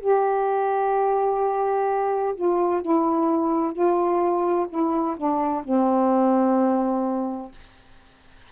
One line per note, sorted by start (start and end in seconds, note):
0.00 2.34 G4
2.35 2.81 F4
2.81 3.72 E4
3.72 4.66 F4
4.69 5.16 E4
5.16 5.63 D4
5.64 7.51 C4